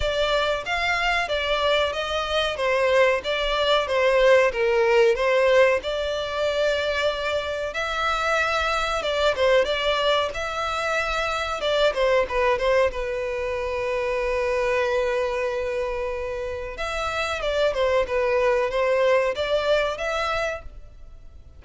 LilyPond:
\new Staff \with { instrumentName = "violin" } { \time 4/4 \tempo 4 = 93 d''4 f''4 d''4 dis''4 | c''4 d''4 c''4 ais'4 | c''4 d''2. | e''2 d''8 c''8 d''4 |
e''2 d''8 c''8 b'8 c''8 | b'1~ | b'2 e''4 d''8 c''8 | b'4 c''4 d''4 e''4 | }